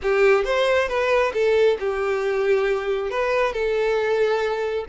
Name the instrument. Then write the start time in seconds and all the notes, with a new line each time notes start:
violin
0.02 G4
0.44 C5
0.88 B4
1.33 A4
1.79 G4
3.10 B4
3.53 A4